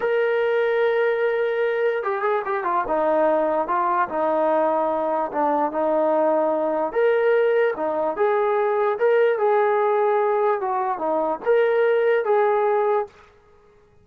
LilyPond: \new Staff \with { instrumentName = "trombone" } { \time 4/4 \tempo 4 = 147 ais'1~ | ais'4 g'8 gis'8 g'8 f'8 dis'4~ | dis'4 f'4 dis'2~ | dis'4 d'4 dis'2~ |
dis'4 ais'2 dis'4 | gis'2 ais'4 gis'4~ | gis'2 fis'4 dis'4 | ais'2 gis'2 | }